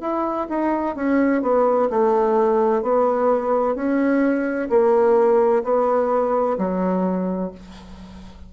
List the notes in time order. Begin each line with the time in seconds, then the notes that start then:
0.00 E4
0.49 D#4
0.95 C#4
1.42 B3
1.90 A3
2.82 B3
3.75 C#4
4.69 A#3
5.63 B3
6.58 F#3